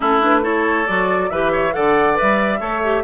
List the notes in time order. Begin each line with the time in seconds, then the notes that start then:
0.00 A3 C#4 E4 A4
0.20 D4 B4
0.42 E4 A4 C#5
0.86 F#3 F#4 D5
1.29 E3 G4 B4 E5
1.51 C#5
1.71 D3 A4 D5 F#5
2.14 B4 E5
2.21 G3
2.59 A3 A4 C#5
2.83 G4